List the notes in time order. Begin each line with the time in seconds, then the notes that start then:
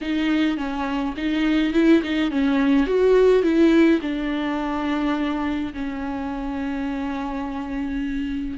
0.01 D#4
0.57 C#4
1.16 D#4
1.73 E4
2.03 D#4
2.30 C#4
2.86 F#4
3.43 E4
4.01 D4
5.73 C#4